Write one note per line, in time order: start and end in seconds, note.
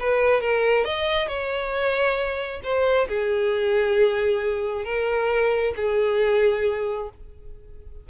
0.00 0.41 B4
0.41 0.85 A#4
0.85 1.28 D#5
1.28 2.61 C#5
2.63 3.08 C5
3.09 4.85 G#4
4.85 5.74 A#4
5.76 7.10 G#4